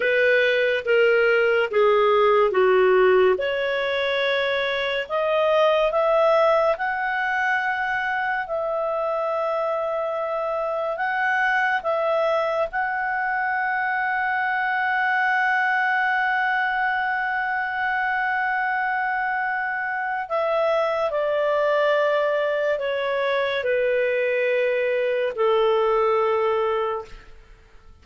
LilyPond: \new Staff \with { instrumentName = "clarinet" } { \time 4/4 \tempo 4 = 71 b'4 ais'4 gis'4 fis'4 | cis''2 dis''4 e''4 | fis''2 e''2~ | e''4 fis''4 e''4 fis''4~ |
fis''1~ | fis''1 | e''4 d''2 cis''4 | b'2 a'2 | }